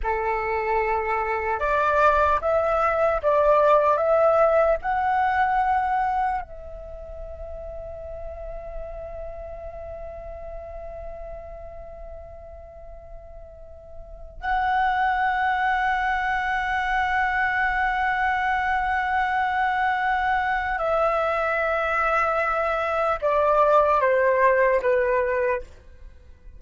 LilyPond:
\new Staff \with { instrumentName = "flute" } { \time 4/4 \tempo 4 = 75 a'2 d''4 e''4 | d''4 e''4 fis''2 | e''1~ | e''1~ |
e''2 fis''2~ | fis''1~ | fis''2 e''2~ | e''4 d''4 c''4 b'4 | }